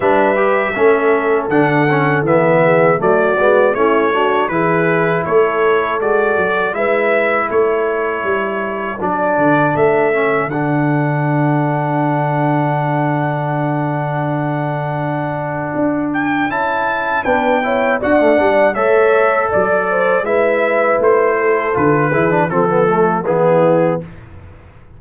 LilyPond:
<<
  \new Staff \with { instrumentName = "trumpet" } { \time 4/4 \tempo 4 = 80 e''2 fis''4 e''4 | d''4 cis''4 b'4 cis''4 | d''4 e''4 cis''2 | d''4 e''4 fis''2~ |
fis''1~ | fis''4. g''8 a''4 g''4 | fis''4 e''4 d''4 e''4 | c''4 b'4 a'4 gis'4 | }
  \new Staff \with { instrumentName = "horn" } { \time 4/4 b'4 a'2~ a'8 gis'8 | fis'4 e'8 fis'8 gis'4 a'4~ | a'4 b'4 a'2~ | a'1~ |
a'1~ | a'2. b'8 cis''8 | d''4 cis''4 d''8 c''8 b'4~ | b'8 a'4 gis'8 a'4 e'4 | }
  \new Staff \with { instrumentName = "trombone" } { \time 4/4 d'8 g'8 cis'4 d'8 cis'8 b4 | a8 b8 cis'8 d'8 e'2 | fis'4 e'2. | d'4. cis'8 d'2~ |
d'1~ | d'2 e'4 d'8 e'8 | fis'16 a16 d'8 a'2 e'4~ | e'4 f'8 e'16 d'16 c'16 b16 a8 b4 | }
  \new Staff \with { instrumentName = "tuba" } { \time 4/4 g4 a4 d4 e4 | fis8 gis8 a4 e4 a4 | gis8 fis8 gis4 a4 g4 | fis8 d8 a4 d2~ |
d1~ | d4 d'4 cis'4 b4 | d'8 g8 a4 fis4 gis4 | a4 d8 e8 f4 e4 | }
>>